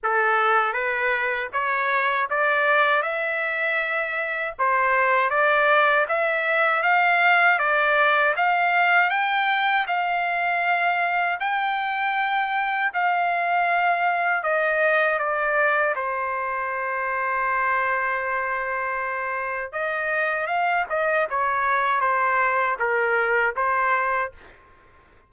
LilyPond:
\new Staff \with { instrumentName = "trumpet" } { \time 4/4 \tempo 4 = 79 a'4 b'4 cis''4 d''4 | e''2 c''4 d''4 | e''4 f''4 d''4 f''4 | g''4 f''2 g''4~ |
g''4 f''2 dis''4 | d''4 c''2.~ | c''2 dis''4 f''8 dis''8 | cis''4 c''4 ais'4 c''4 | }